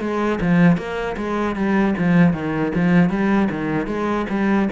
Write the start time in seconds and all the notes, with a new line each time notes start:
0.00 G#3
0.41 F3
0.77 A#3
1.17 G#3
1.55 G3
1.98 F3
2.33 D#3
2.74 F3
3.09 G3
3.51 D#3
3.87 G#3
4.30 G3